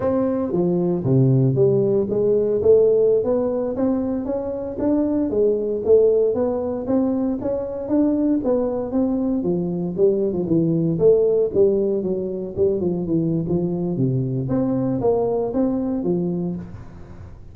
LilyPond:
\new Staff \with { instrumentName = "tuba" } { \time 4/4 \tempo 4 = 116 c'4 f4 c4 g4 | gis4 a4~ a16 b4 c'8.~ | c'16 cis'4 d'4 gis4 a8.~ | a16 b4 c'4 cis'4 d'8.~ |
d'16 b4 c'4 f4 g8. | f16 e4 a4 g4 fis8.~ | fis16 g8 f8 e8. f4 c4 | c'4 ais4 c'4 f4 | }